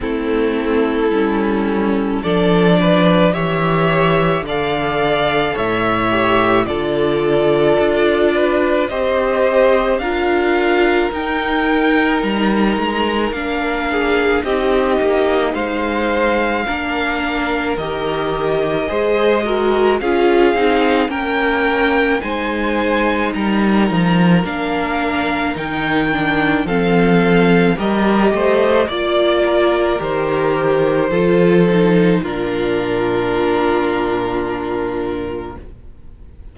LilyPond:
<<
  \new Staff \with { instrumentName = "violin" } { \time 4/4 \tempo 4 = 54 a'2 d''4 e''4 | f''4 e''4 d''2 | dis''4 f''4 g''4 ais''4 | f''4 dis''4 f''2 |
dis''2 f''4 g''4 | gis''4 ais''4 f''4 g''4 | f''4 dis''4 d''4 c''4~ | c''4 ais'2. | }
  \new Staff \with { instrumentName = "violin" } { \time 4/4 e'2 a'8 b'8 cis''4 | d''4 cis''4 a'4. b'8 | c''4 ais'2.~ | ais'8 gis'8 g'4 c''4 ais'4~ |
ais'4 c''8 ais'8 gis'4 ais'4 | c''4 ais'2. | a'4 ais'8 c''8 d''8 ais'4. | a'4 f'2. | }
  \new Staff \with { instrumentName = "viola" } { \time 4/4 c'4 cis'4 d'4 g'4 | a'4. g'8 f'2 | g'4 f'4 dis'2 | d'4 dis'2 d'4 |
g'4 gis'8 fis'8 f'8 dis'8 cis'4 | dis'2 d'4 dis'8 d'8 | c'4 g'4 f'4 g'4 | f'8 dis'8 d'2. | }
  \new Staff \with { instrumentName = "cello" } { \time 4/4 a4 g4 f4 e4 | d4 a,4 d4 d'4 | c'4 d'4 dis'4 g8 gis8 | ais4 c'8 ais8 gis4 ais4 |
dis4 gis4 cis'8 c'8 ais4 | gis4 g8 f8 ais4 dis4 | f4 g8 a8 ais4 dis4 | f4 ais,2. | }
>>